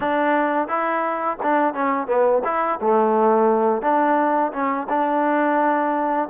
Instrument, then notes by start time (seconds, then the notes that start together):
trombone
0.00 D4
0.68 E4
1.42 D4
1.73 C#4
2.07 B3
2.44 E4
2.80 A3
3.82 D4
4.52 C#4
4.89 D4